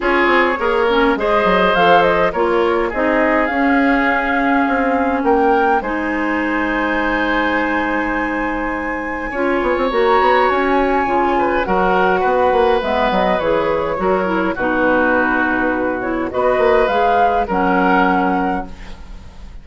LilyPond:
<<
  \new Staff \with { instrumentName = "flute" } { \time 4/4 \tempo 4 = 103 cis''2 dis''4 f''8 dis''8 | cis''4 dis''4 f''2~ | f''4 g''4 gis''2~ | gis''1~ |
gis''4 ais''4 gis''2 | fis''2 e''8 dis''8 cis''4~ | cis''4 b'2~ b'8 cis''8 | dis''4 f''4 fis''2 | }
  \new Staff \with { instrumentName = "oboe" } { \time 4/4 gis'4 ais'4 c''2 | ais'4 gis'2.~ | gis'4 ais'4 c''2~ | c''1 |
cis''2.~ cis''8 b'8 | ais'4 b'2. | ais'4 fis'2. | b'2 ais'2 | }
  \new Staff \with { instrumentName = "clarinet" } { \time 4/4 f'4 gis'8 cis'8 gis'4 a'4 | f'4 dis'4 cis'2~ | cis'2 dis'2~ | dis'1 |
f'4 fis'2 f'4 | fis'2 b4 gis'4 | fis'8 e'8 dis'2~ dis'8 e'8 | fis'4 gis'4 cis'2 | }
  \new Staff \with { instrumentName = "bassoon" } { \time 4/4 cis'8 c'8 ais4 gis8 fis8 f4 | ais4 c'4 cis'2 | c'4 ais4 gis2~ | gis1 |
cis'8 b16 c'16 ais8 b8 cis'4 cis4 | fis4 b8 ais8 gis8 fis8 e4 | fis4 b,2. | b8 ais8 gis4 fis2 | }
>>